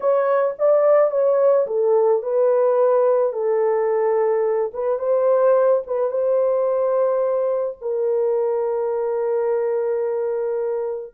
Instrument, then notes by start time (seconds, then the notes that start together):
horn
0.00 C#5
0.58 D5
1.11 C#5
1.66 A4
2.22 B4
3.32 A4
4.73 B4
4.98 C5
5.86 B4
6.11 C5
7.81 A#4